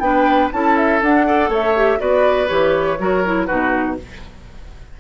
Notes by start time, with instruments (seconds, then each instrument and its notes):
0.00 bassoon B3, clarinet D4, oboe B4, flute G5
0.53 bassoon C#4, clarinet E4, oboe A4, flute A5
0.77 flute E5
1.02 bassoon D4, clarinet D4, flute F#5
1.26 clarinet A4, oboe D5
1.49 bassoon A3, oboe C#5, flute E5
1.76 clarinet G4
1.99 bassoon B3, clarinet F#4, oboe B4, flute D5
2.48 bassoon E3, clarinet G4, flute C#5
2.99 bassoon F#3, clarinet F#4, oboe A#4
3.25 clarinet E4
3.45 bassoon B2, clarinet D#4, oboe F#4, flute B4